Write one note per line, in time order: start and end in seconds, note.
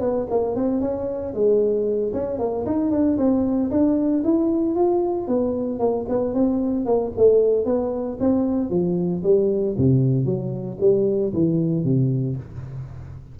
0.00 0.26 B3
0.30 0.55 A#3
0.55 0.81 C4
0.81 1.33 C#4
1.34 2.13 G#3
2.13 2.39 C#4
2.39 2.65 A#3
2.66 2.91 D#4
2.91 3.17 D4
3.18 3.70 C4
3.71 4.23 D4
4.24 4.75 E4
4.75 5.28 F4
5.28 5.79 B3
5.79 6.06 A#3
6.09 6.34 B3
6.34 6.86 C4
6.86 7.12 A#3
7.17 7.65 A3
7.65 8.18 B3
8.20 8.70 C4
8.70 9.23 F3
9.23 9.76 G3
9.78 10.25 C3
10.25 10.78 F#3
10.80 11.33 G3
11.33 11.84 E3
11.84 12.36 C3